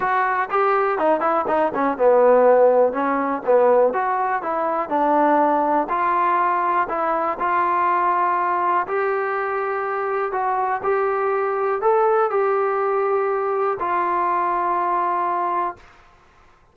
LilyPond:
\new Staff \with { instrumentName = "trombone" } { \time 4/4 \tempo 4 = 122 fis'4 g'4 dis'8 e'8 dis'8 cis'8 | b2 cis'4 b4 | fis'4 e'4 d'2 | f'2 e'4 f'4~ |
f'2 g'2~ | g'4 fis'4 g'2 | a'4 g'2. | f'1 | }